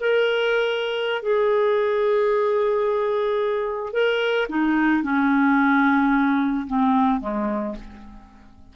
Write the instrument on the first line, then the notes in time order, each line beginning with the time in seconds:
clarinet
0.00 A#4
1.22 G#4
3.93 A#4
4.49 D#4
5.03 C#4
6.67 C4
7.20 G#3